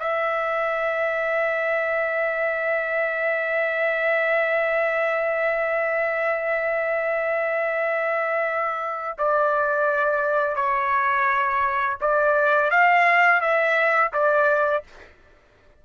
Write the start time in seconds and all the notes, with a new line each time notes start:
0.00 E5
9.18 D5
10.56 C#5
12.01 D5
12.71 F5
13.41 E5
14.13 D5